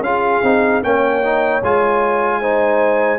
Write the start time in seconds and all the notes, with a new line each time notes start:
0.00 C#4 F4 G#4 F5
0.43 C4 D#4
0.83 A#3 C#4 C#5 G5
1.22 D#4
1.63 G#3 F4 G#5
2.40 D#4 C5